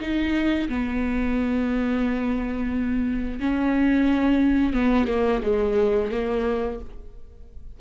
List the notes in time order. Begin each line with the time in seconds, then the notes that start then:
0.00 D#4
0.68 B3
3.40 C#4
4.73 B3
5.07 A#3
5.43 G#3
6.11 A#3